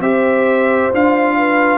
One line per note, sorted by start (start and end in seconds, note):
0.00 0.90 C4
0.00 0.92 G4
0.00 1.35 C5
0.00 0.91 E5
0.93 1.78 D4
0.93 1.78 F4
0.93 1.78 F5
1.37 1.78 B4